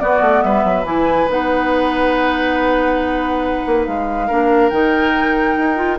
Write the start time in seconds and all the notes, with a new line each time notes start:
0.00 B3 F#4 D5
0.21 A3
0.42 G3 B4 E5
0.65 F#3
0.84 E3 E4 G#5
1.29 B3 D#4 F#5
3.66 A#3
3.86 G#3 F5
4.27 A#3 D4 A#4
4.70 D#3 D#4 G5
5.57 D#4
5.76 F4